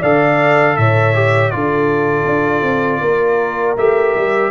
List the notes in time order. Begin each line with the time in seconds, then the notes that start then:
0.00 D3 A4 D5 F5
0.77 A2 C#5 E5
1.14 G4
1.51 D3 F4 A4 D5
2.24 D4
2.63 C4
3.01 A#3 A#4
3.77 A3 G4 E5
4.15 G3